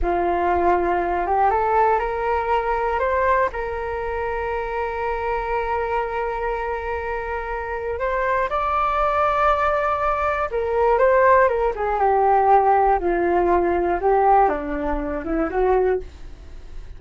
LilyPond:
\new Staff \with { instrumentName = "flute" } { \time 4/4 \tempo 4 = 120 f'2~ f'8 g'8 a'4 | ais'2 c''4 ais'4~ | ais'1~ | ais'1 |
c''4 d''2.~ | d''4 ais'4 c''4 ais'8 gis'8 | g'2 f'2 | g'4 d'4. e'8 fis'4 | }